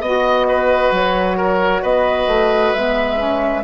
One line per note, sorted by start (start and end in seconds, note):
0.00 0.91 B3
0.00 2.76 F#4
0.00 0.46 D#5
0.00 0.92 D#5
0.48 1.37 B4
0.91 1.82 F#3
0.91 1.84 C#5
1.37 1.82 A#4
1.82 2.27 B3
1.82 3.64 B4
1.82 2.73 D#5
2.27 2.72 A3
2.73 3.64 G#3
2.73 3.17 B3
2.73 3.64 E5
3.17 3.63 C#4